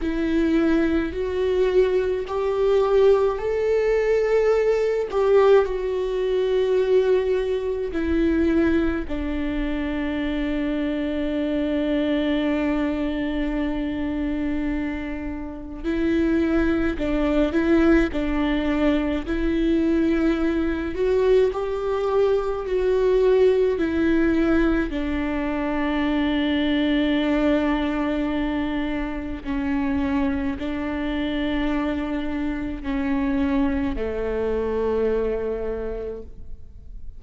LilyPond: \new Staff \with { instrumentName = "viola" } { \time 4/4 \tempo 4 = 53 e'4 fis'4 g'4 a'4~ | a'8 g'8 fis'2 e'4 | d'1~ | d'2 e'4 d'8 e'8 |
d'4 e'4. fis'8 g'4 | fis'4 e'4 d'2~ | d'2 cis'4 d'4~ | d'4 cis'4 a2 | }